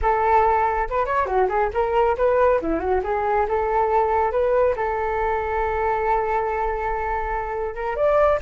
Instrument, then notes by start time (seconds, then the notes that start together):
flute
0.02 A4
0.89 B4
1.05 C#5
1.26 F#4
1.48 G#4
1.73 A#4
2.17 B4
2.61 E4
2.79 F#4
3.03 G#4
3.48 A4
4.31 B4
4.76 A4
7.74 A#4
7.95 D5